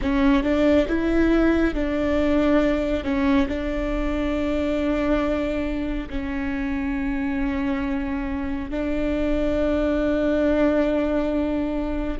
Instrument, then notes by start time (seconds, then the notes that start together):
viola
0.01 C#4
0.43 D4
0.87 E4
1.74 D4
3.04 C#4
3.48 D4
6.09 C#4
8.70 D4